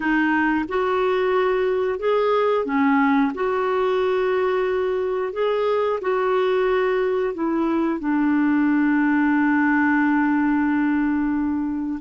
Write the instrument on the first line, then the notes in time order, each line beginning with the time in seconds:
clarinet
0.00 D#4
0.68 F#4
1.98 G#4
2.65 C#4
3.34 F#4
5.32 G#4
6.01 F#4
7.33 E4
7.99 D4